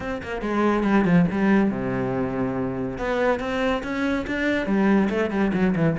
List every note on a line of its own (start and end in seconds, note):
0.00 0.21 C4
0.22 0.41 A#3
0.41 0.83 G#3
0.83 1.04 G3
1.04 1.26 F3
1.31 1.70 G3
1.70 2.98 C3
2.98 3.39 B3
3.39 3.82 C4
3.83 4.25 C#4
4.26 4.66 D4
4.66 5.09 G3
5.09 5.30 A3
5.30 5.51 G3
5.53 5.74 F#3
5.75 5.96 E3